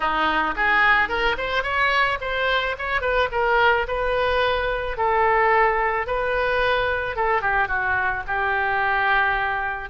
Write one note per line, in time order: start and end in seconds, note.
0.00 0.54 D#4
0.56 1.08 G#4
1.08 1.36 A#4
1.37 1.63 C5
1.63 2.18 C#5
2.20 2.75 C5
2.78 3.01 C#5
3.01 3.28 B4
3.31 3.86 A#4
3.87 4.97 B4
4.97 6.07 A4
6.07 7.16 B4
7.16 7.41 A4
7.41 7.68 G4
7.68 8.23 F#4
8.27 9.89 G4